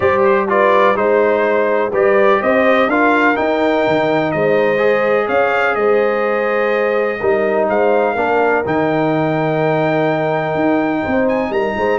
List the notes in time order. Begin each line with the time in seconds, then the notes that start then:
0.00 G3 G4 C5 D5
0.24 C5
0.48 F4 B4 D5
0.95 G#3 D#4 C5
1.91 G3 G4 B4 D5
2.42 C4 C5 D#5
2.87 D4 F4 A#4 F5
3.35 D#4 G5
3.87 D#3
4.31 G#3 C5 D#5
4.77 G#4
5.26 C#4 C#5 F5
5.75 G#3 C5 D#5
7.20 G3 D#4 A#4
7.69 G#3 C5 F5
8.12 A#3 D4 A#4
8.65 D#3 D#4 G5
10.54 D#4
11.02 C4 C5
11.28 G#5
11.50 G3 A#4 A#5
11.77 G#3 C5